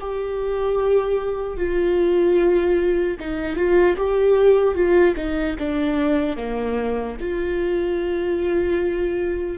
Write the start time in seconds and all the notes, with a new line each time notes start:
0.00 G4
1.57 F4
3.20 D#4
3.56 F4
3.96 G4
4.75 F4
5.16 D#4
5.59 D4
6.37 A#3
7.20 F4